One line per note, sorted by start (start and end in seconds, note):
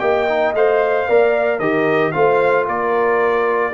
0.00 0.54 A#3
0.00 0.27 G4
0.00 1.07 D#5
0.00 0.54 G5
0.29 0.56 D#4
0.54 1.07 A3
0.54 1.09 C5
0.54 1.60 F5
1.07 1.60 A#3
1.07 1.61 A#4
1.07 1.59 D5
1.59 2.13 D#3
1.59 2.13 G4
1.59 2.12 A#4
1.59 2.12 D#5
2.12 2.68 A3
2.12 3.72 F4
2.12 2.66 C5
2.12 2.65 F5
2.66 3.74 A#3
2.66 3.72 A#4
2.66 3.74 D5